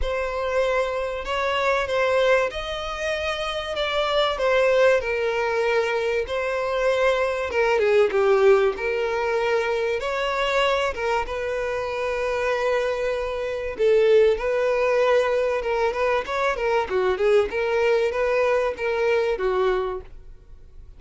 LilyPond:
\new Staff \with { instrumentName = "violin" } { \time 4/4 \tempo 4 = 96 c''2 cis''4 c''4 | dis''2 d''4 c''4 | ais'2 c''2 | ais'8 gis'8 g'4 ais'2 |
cis''4. ais'8 b'2~ | b'2 a'4 b'4~ | b'4 ais'8 b'8 cis''8 ais'8 fis'8 gis'8 | ais'4 b'4 ais'4 fis'4 | }